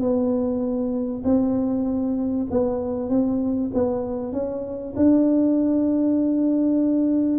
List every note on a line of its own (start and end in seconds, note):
0.00 1.22 B3
1.24 2.47 C4
2.50 3.09 B3
3.09 3.71 C4
3.74 4.32 B3
4.32 4.94 C#4
4.96 7.39 D4